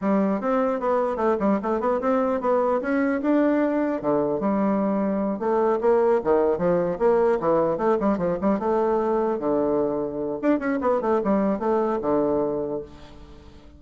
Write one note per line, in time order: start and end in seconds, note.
0.01 0.40 G3
0.40 0.80 C4
0.80 1.16 B3
1.16 1.36 A3
1.39 1.59 G3
1.62 1.80 A3
1.80 2.00 B3
2.00 2.40 C4
2.41 2.81 B3
2.81 3.21 C#4
3.21 4.01 D4
4.01 4.39 D3
4.39 5.39 G3
5.39 5.79 A3
5.80 6.20 A#3
6.24 6.57 D#3
6.57 6.97 F3
6.99 7.39 A#3
7.40 7.77 E3
7.77 7.97 A3
8.00 8.18 G3
8.18 8.38 F3
8.41 8.59 G3
8.59 9.39 A3
9.39 10.39 D3
10.42 10.59 D4
10.59 10.79 C#4
10.81 11.01 B3
11.01 11.21 A3
11.24 11.59 G3
11.59 11.99 A3
12.01 12.81 D3